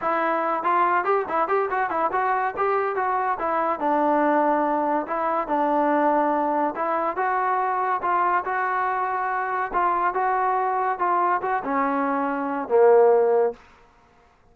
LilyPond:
\new Staff \with { instrumentName = "trombone" } { \time 4/4 \tempo 4 = 142 e'4. f'4 g'8 e'8 g'8 | fis'8 e'8 fis'4 g'4 fis'4 | e'4 d'2. | e'4 d'2. |
e'4 fis'2 f'4 | fis'2. f'4 | fis'2 f'4 fis'8 cis'8~ | cis'2 ais2 | }